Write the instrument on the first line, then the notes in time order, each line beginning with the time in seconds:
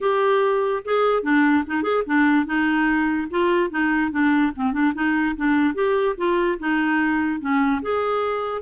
clarinet
0.01 G4
0.85 G#4
1.22 D4
1.66 D#4
1.82 G#4
2.06 D4
2.46 D#4
3.30 F4
3.70 D#4
4.11 D4
4.55 C4
4.72 D4
4.94 D#4
5.36 D4
5.74 G4
6.17 F4
6.59 D#4
7.40 C#4
7.82 G#4